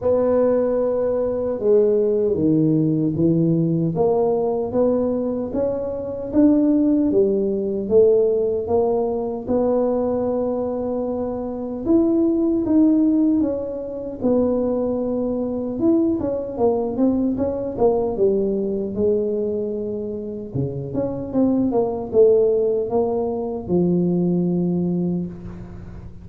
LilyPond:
\new Staff \with { instrumentName = "tuba" } { \time 4/4 \tempo 4 = 76 b2 gis4 dis4 | e4 ais4 b4 cis'4 | d'4 g4 a4 ais4 | b2. e'4 |
dis'4 cis'4 b2 | e'8 cis'8 ais8 c'8 cis'8 ais8 g4 | gis2 cis8 cis'8 c'8 ais8 | a4 ais4 f2 | }